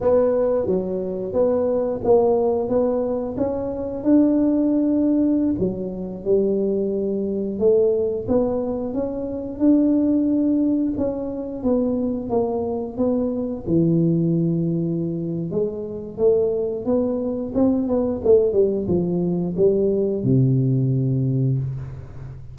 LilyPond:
\new Staff \with { instrumentName = "tuba" } { \time 4/4 \tempo 4 = 89 b4 fis4 b4 ais4 | b4 cis'4 d'2~ | d'16 fis4 g2 a8.~ | a16 b4 cis'4 d'4.~ d'16~ |
d'16 cis'4 b4 ais4 b8.~ | b16 e2~ e8. gis4 | a4 b4 c'8 b8 a8 g8 | f4 g4 c2 | }